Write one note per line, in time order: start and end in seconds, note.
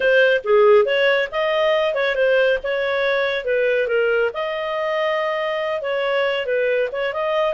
0.00 0.41 C5
0.44 0.85 G#4
0.85 1.28 C#5
1.31 1.94 D#5
1.94 2.15 C#5
2.15 2.58 C5
2.63 3.44 C#5
3.44 3.87 B4
3.87 4.30 A#4
4.33 5.81 D#5
5.81 6.45 C#5
6.45 6.88 B4
6.91 7.13 C#5
7.13 7.54 D#5